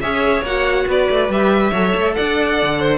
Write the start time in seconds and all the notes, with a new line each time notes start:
0.00 C#4 G#4 C#5 E5
0.41 A#3 F#4 F#5
0.87 B3 B4 D5
1.10 A3
1.28 G3 G4 E5
1.71 F#3 A4 C#5
1.94 A3
2.14 D4 D5 F#5
2.62 D3
2.79 C5